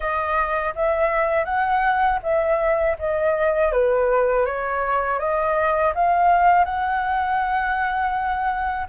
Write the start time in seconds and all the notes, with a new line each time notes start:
0.00 D#5
0.75 E5
1.44 F#5
2.22 E5
2.98 D#5
3.72 B4
4.45 C#5
5.19 D#5
5.94 F5
6.64 F#5